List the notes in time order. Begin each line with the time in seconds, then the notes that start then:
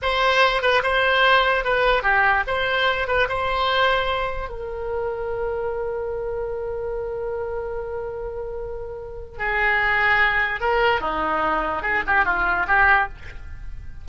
0.02 C5
0.62 B4
0.83 C5
1.64 B4
2.03 G4
2.47 C5
3.07 B4
3.28 C5
4.49 A#4
9.38 G#4
10.60 A#4
11.00 D#4
11.82 G#4
12.06 G4
12.25 F4
12.67 G4